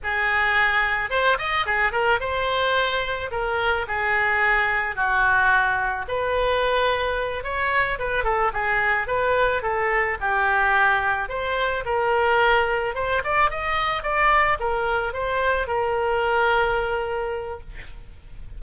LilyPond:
\new Staff \with { instrumentName = "oboe" } { \time 4/4 \tempo 4 = 109 gis'2 c''8 dis''8 gis'8 ais'8 | c''2 ais'4 gis'4~ | gis'4 fis'2 b'4~ | b'4. cis''4 b'8 a'8 gis'8~ |
gis'8 b'4 a'4 g'4.~ | g'8 c''4 ais'2 c''8 | d''8 dis''4 d''4 ais'4 c''8~ | c''8 ais'2.~ ais'8 | }